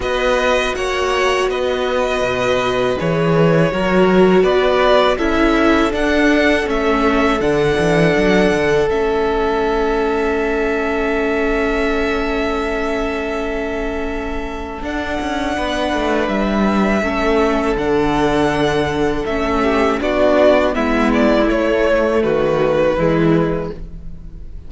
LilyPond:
<<
  \new Staff \with { instrumentName = "violin" } { \time 4/4 \tempo 4 = 81 dis''4 fis''4 dis''2 | cis''2 d''4 e''4 | fis''4 e''4 fis''2 | e''1~ |
e''1 | fis''2 e''2 | fis''2 e''4 d''4 | e''8 d''8 cis''4 b'2 | }
  \new Staff \with { instrumentName = "violin" } { \time 4/4 b'4 cis''4 b'2~ | b'4 ais'4 b'4 a'4~ | a'1~ | a'1~ |
a'1~ | a'4 b'2 a'4~ | a'2~ a'8 g'8 fis'4 | e'2 fis'4 e'4 | }
  \new Staff \with { instrumentName = "viola" } { \time 4/4 fis'1 | gis'4 fis'2 e'4 | d'4 cis'4 d'2 | cis'1~ |
cis'1 | d'2. cis'4 | d'2 cis'4 d'4 | b4 a2 gis4 | }
  \new Staff \with { instrumentName = "cello" } { \time 4/4 b4 ais4 b4 b,4 | e4 fis4 b4 cis'4 | d'4 a4 d8 e8 fis8 d8 | a1~ |
a1 | d'8 cis'8 b8 a8 g4 a4 | d2 a4 b4 | gis4 a4 dis4 e4 | }
>>